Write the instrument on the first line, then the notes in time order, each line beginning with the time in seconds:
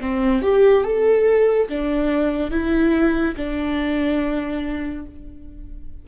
viola
0.00 C4
0.42 G4
0.84 A4
1.68 D4
2.50 E4
3.36 D4